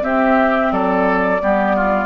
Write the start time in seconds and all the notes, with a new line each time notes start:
0.00 C4 G4 E5
0.72 F#3 A4 D5
1.41 G3 B3 G4
1.76 F4